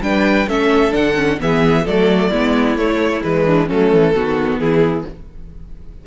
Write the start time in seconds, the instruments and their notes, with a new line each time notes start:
0.00 cello G3, viola D4, violin B4 G5
0.47 cello A3, viola C#4, violin A4 E5
0.90 cello D3, viola D4, violin F#5
1.15 viola C#4
1.39 cello E3, viola B3, violin G#4 E5
1.84 cello F#3, viola A3, violin A4 D5
2.30 cello G#3, viola B3, violin E4
2.75 cello A3, viola A3, violin C#5
3.22 cello E3, viola G#3, violin B4
3.45 violin D4
3.67 cello F#3, viola A3, violin C#4 A4
3.92 cello E3
4.14 cello D#3, viola B3, violin F#4
4.58 cello E3, violin E4 G#4